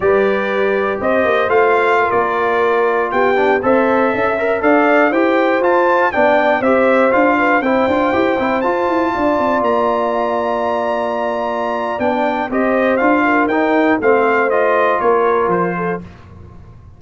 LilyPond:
<<
  \new Staff \with { instrumentName = "trumpet" } { \time 4/4 \tempo 4 = 120 d''2 dis''4 f''4~ | f''16 d''2 g''4 e''8.~ | e''4~ e''16 f''4 g''4 a''8.~ | a''16 g''4 e''4 f''4 g''8.~ |
g''4~ g''16 a''2 ais''8.~ | ais''1 | g''4 dis''4 f''4 g''4 | f''4 dis''4 cis''4 c''4 | }
  \new Staff \with { instrumentName = "horn" } { \time 4/4 b'2 c''2 | ais'2~ ais'16 g'4 c''8.~ | c''16 e''4 d''4 c''4.~ c''16~ | c''16 d''4 c''4. b'8 c''8.~ |
c''2~ c''16 d''4.~ d''16~ | d''1~ | d''4 c''4. ais'4. | c''2 ais'4. a'8 | }
  \new Staff \with { instrumentName = "trombone" } { \time 4/4 g'2. f'4~ | f'2~ f'8. d'8 a'8.~ | a'8. ais'8 a'4 g'4 f'8.~ | f'16 d'4 g'4 f'4 e'8 f'16~ |
f'16 g'8 e'8 f'2~ f'8.~ | f'1 | d'4 g'4 f'4 dis'4 | c'4 f'2. | }
  \new Staff \with { instrumentName = "tuba" } { \time 4/4 g2 c'8 ais8 a4~ | a16 ais2 b4 c'8.~ | c'16 cis'4 d'4 e'4 f'8.~ | f'16 b4 c'4 d'4 c'8 d'16~ |
d'16 e'8 c'8 f'8 e'8 d'8 c'8 ais8.~ | ais1 | b4 c'4 d'4 dis'4 | a2 ais4 f4 | }
>>